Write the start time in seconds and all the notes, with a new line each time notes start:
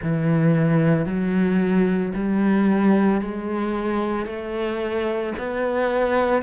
0.02 E3
1.05 F#3
2.14 G3
3.21 G#3
4.26 A3
5.38 B3